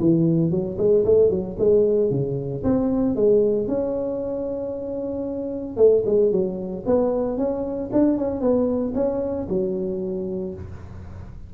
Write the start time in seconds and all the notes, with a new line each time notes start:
0.00 E3
0.51 F#3
0.78 G#3
1.05 A3
1.30 F#3
1.59 G#3
2.11 C#3
2.64 C4
3.16 G#3
3.67 C#4
5.77 A3
6.06 G#3
6.32 F#3
6.86 B3
7.38 C#4
7.92 D4
8.17 C#4
8.41 B3
8.95 C#4
9.49 F#3